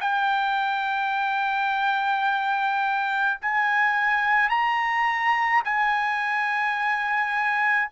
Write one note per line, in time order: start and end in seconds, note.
0.00 3.40 G5
3.41 4.49 G#5
4.49 5.62 A#5
5.64 7.91 G#5